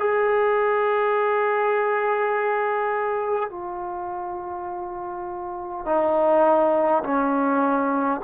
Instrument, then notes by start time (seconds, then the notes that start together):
trombone
0.00 G#4
3.50 F4
5.86 D#4
7.04 C#4